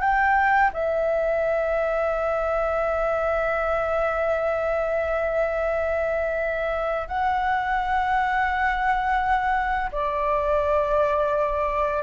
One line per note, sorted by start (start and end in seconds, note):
0.00 0.71 G5
0.73 7.07 E5
7.07 9.90 F#5
9.91 12.03 D5